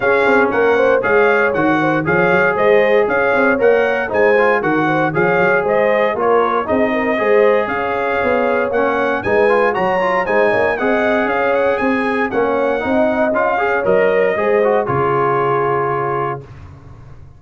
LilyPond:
<<
  \new Staff \with { instrumentName = "trumpet" } { \time 4/4 \tempo 4 = 117 f''4 fis''4 f''4 fis''4 | f''4 dis''4 f''4 fis''4 | gis''4 fis''4 f''4 dis''4 | cis''4 dis''2 f''4~ |
f''4 fis''4 gis''4 ais''4 | gis''4 fis''4 f''8 fis''8 gis''4 | fis''2 f''4 dis''4~ | dis''4 cis''2. | }
  \new Staff \with { instrumentName = "horn" } { \time 4/4 gis'4 ais'8 c''8 cis''4. c''8 | cis''4 c''4 cis''2 | c''4 ais'8 c''8 cis''4 c''4 | ais'4 gis'8 ais'8 c''4 cis''4~ |
cis''2 b'4 cis''4 | c''8 cis''8 dis''4 cis''4 gis'4 | cis''4 dis''4. cis''4. | c''4 gis'2. | }
  \new Staff \with { instrumentName = "trombone" } { \time 4/4 cis'2 gis'4 fis'4 | gis'2. ais'4 | dis'8 f'8 fis'4 gis'2 | f'4 dis'4 gis'2~ |
gis'4 cis'4 dis'8 f'8 fis'8 f'8 | dis'4 gis'2. | cis'4 dis'4 f'8 gis'8 ais'4 | gis'8 fis'8 f'2. | }
  \new Staff \with { instrumentName = "tuba" } { \time 4/4 cis'8 c'8 ais4 gis4 dis4 | f8 fis8 gis4 cis'8 c'8 ais4 | gis4 dis4 f8 fis8 gis4 | ais4 c'4 gis4 cis'4 |
b4 ais4 gis4 fis4 | gis8 ais8 c'4 cis'4 c'4 | ais4 c'4 cis'4 fis4 | gis4 cis2. | }
>>